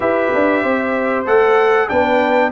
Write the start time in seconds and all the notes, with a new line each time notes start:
0.00 E4 G4 B4 E5
0.34 D4
0.62 C4 C5
1.26 A3 A4 F#5
1.88 B3 D4 B4 G5